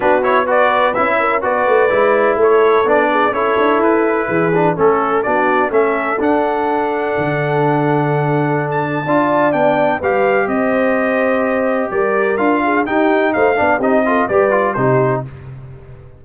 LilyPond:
<<
  \new Staff \with { instrumentName = "trumpet" } { \time 4/4 \tempo 4 = 126 b'8 cis''8 d''4 e''4 d''4~ | d''4 cis''4 d''4 cis''4 | b'2 a'4 d''4 | e''4 fis''2.~ |
fis''2~ fis''16 a''4.~ a''16 | g''4 f''4 dis''2~ | dis''4 d''4 f''4 g''4 | f''4 dis''4 d''4 c''4 | }
  \new Staff \with { instrumentName = "horn" } { \time 4/4 fis'4 b'4. ais'8 b'4~ | b'4 a'4. gis'8 a'4~ | a'4 gis'4 a'4 fis'4 | a'1~ |
a'2. d''4~ | d''4 b'4 c''2~ | c''4 ais'4. gis'8 g'4 | c''8 d''8 g'8 a'8 b'4 g'4 | }
  \new Staff \with { instrumentName = "trombone" } { \time 4/4 d'8 e'8 fis'4 e'4 fis'4 | e'2 d'4 e'4~ | e'4. d'8 cis'4 d'4 | cis'4 d'2.~ |
d'2. f'4 | d'4 g'2.~ | g'2 f'4 dis'4~ | dis'8 d'8 dis'8 f'8 g'8 f'8 dis'4 | }
  \new Staff \with { instrumentName = "tuba" } { \time 4/4 b2 cis'4 b8 a8 | gis4 a4 b4 cis'8 d'8 | e'4 e4 a4 b4 | a4 d'2 d4~ |
d2. d'4 | b4 g4 c'2~ | c'4 g4 d'4 dis'4 | a8 b8 c'4 g4 c4 | }
>>